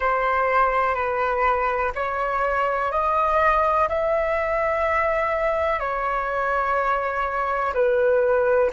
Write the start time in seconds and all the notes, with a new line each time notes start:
0.00 C5
0.95 B4
1.95 C#5
2.91 D#5
3.88 E5
5.79 C#5
7.74 B4